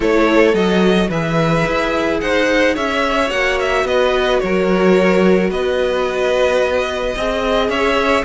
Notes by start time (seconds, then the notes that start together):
0.00 A3 E4 A4 C#5
0.53 F#3 F#4 D#5
1.08 E3 G#4 B4 E5
1.66 E4
2.20 D#4 C5 F#5
2.74 C#4 C#5 E5
3.29 A#3 F#4 F#5
3.60 E5
3.84 B3 B4 D#5
4.39 F#3 A#4 C#5
5.50 B3 B4 D#5
7.15 C4 G#4 D#5
7.69 C#4 C#5 E5